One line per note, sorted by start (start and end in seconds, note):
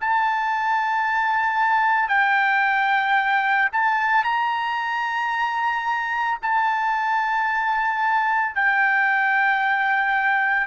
0.00 2.08 A5
2.08 3.69 G5
3.72 4.24 A5
4.24 6.38 A#5
6.41 8.55 A5
8.55 10.66 G5